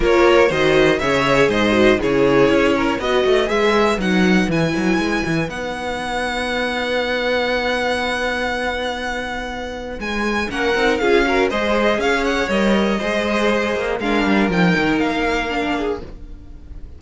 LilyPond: <<
  \new Staff \with { instrumentName = "violin" } { \time 4/4 \tempo 4 = 120 cis''4 dis''4 e''4 dis''4 | cis''2 dis''4 e''4 | fis''4 gis''2 fis''4~ | fis''1~ |
fis''1 | gis''4 fis''4 f''4 dis''4 | f''8 fis''8 dis''2. | f''4 g''4 f''2 | }
  \new Staff \with { instrumentName = "violin" } { \time 4/4 ais'4 c''4 cis''4 c''4 | gis'4. ais'8 b'2~ | b'1~ | b'1~ |
b'1~ | b'4 ais'4 gis'8 ais'8 c''4 | cis''2 c''2 | ais'2.~ ais'8 gis'8 | }
  \new Staff \with { instrumentName = "viola" } { \time 4/4 f'4 fis'4 gis'4. fis'8 | e'2 fis'4 gis'4 | dis'4 e'2 dis'4~ | dis'1~ |
dis'1~ | dis'4 cis'8 dis'8 f'8 fis'8 gis'4~ | gis'4 ais'4 gis'2 | d'4 dis'2 d'4 | }
  \new Staff \with { instrumentName = "cello" } { \time 4/4 ais4 dis4 cis4 gis,4 | cis4 cis'4 b8 a8 gis4 | fis4 e8 fis8 gis8 e8 b4~ | b1~ |
b1 | gis4 ais8 c'8 cis'4 gis4 | cis'4 g4 gis4. ais8 | gis8 g8 f8 dis8 ais2 | }
>>